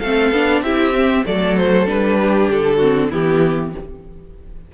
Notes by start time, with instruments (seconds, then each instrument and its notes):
0.00 cello A3, viola C4, violin A4 F5
0.32 cello B3, viola D4
0.62 cello C4, viola E4, violin G4 E5
0.94 viola C4
1.26 cello F#3, viola A3, violin A4 D5
1.57 violin C5
1.87 cello G3, viola D4, violin B4
2.22 violin G4
2.50 cello D3, violin A4
2.78 viola C4, violin F#4
3.10 cello E3, viola B3, violin E4 G4